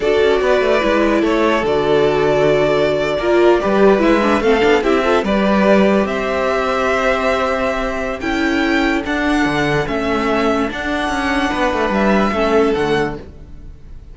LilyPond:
<<
  \new Staff \with { instrumentName = "violin" } { \time 4/4 \tempo 4 = 146 d''2. cis''4 | d''1~ | d''4.~ d''16 e''4 f''4 e''16~ | e''8. d''2 e''4~ e''16~ |
e''1 | g''2 fis''2 | e''2 fis''2~ | fis''4 e''2 fis''4 | }
  \new Staff \with { instrumentName = "violin" } { \time 4/4 a'4 b'2 a'4~ | a'2.~ a'8. ais'16~ | ais'8. b'2 a'4 g'16~ | g'16 a'8 b'2 c''4~ c''16~ |
c''1 | a'1~ | a'1 | b'2 a'2 | }
  \new Staff \with { instrumentName = "viola" } { \time 4/4 fis'2 e'2 | fis'2.~ fis'8. f'16~ | f'8. g'4 e'8 d'8 c'8 d'8 e'16~ | e'16 f'8 g'2.~ g'16~ |
g'1 | e'2 d'2 | cis'2 d'2~ | d'2 cis'4 a4 | }
  \new Staff \with { instrumentName = "cello" } { \time 4/4 d'8 cis'8 b8 a8 gis4 a4 | d2.~ d8. ais16~ | ais8. g4 gis4 a8 b8 c'16~ | c'8. g2 c'4~ c'16~ |
c'1 | cis'2 d'4 d4 | a2 d'4 cis'4 | b8 a8 g4 a4 d4 | }
>>